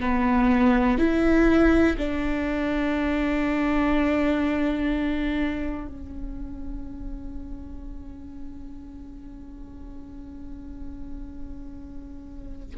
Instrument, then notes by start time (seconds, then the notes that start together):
viola
0.00 B3
0.98 E4
1.98 D4
5.87 C#4